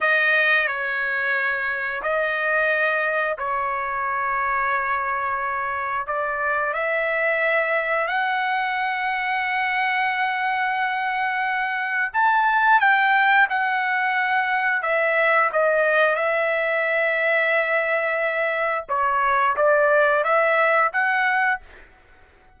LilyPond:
\new Staff \with { instrumentName = "trumpet" } { \time 4/4 \tempo 4 = 89 dis''4 cis''2 dis''4~ | dis''4 cis''2.~ | cis''4 d''4 e''2 | fis''1~ |
fis''2 a''4 g''4 | fis''2 e''4 dis''4 | e''1 | cis''4 d''4 e''4 fis''4 | }